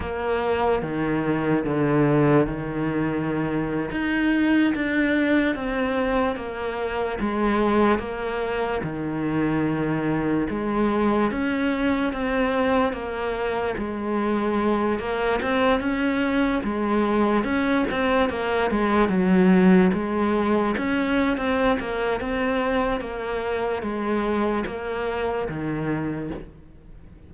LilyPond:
\new Staff \with { instrumentName = "cello" } { \time 4/4 \tempo 4 = 73 ais4 dis4 d4 dis4~ | dis8. dis'4 d'4 c'4 ais16~ | ais8. gis4 ais4 dis4~ dis16~ | dis8. gis4 cis'4 c'4 ais16~ |
ais8. gis4. ais8 c'8 cis'8.~ | cis'16 gis4 cis'8 c'8 ais8 gis8 fis8.~ | fis16 gis4 cis'8. c'8 ais8 c'4 | ais4 gis4 ais4 dis4 | }